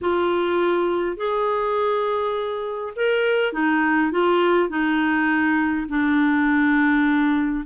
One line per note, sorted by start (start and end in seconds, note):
0.01 1.17 F4
1.17 2.93 G#4
2.95 3.52 A#4
3.52 4.11 D#4
4.11 4.69 F4
4.69 5.86 D#4
5.88 7.65 D4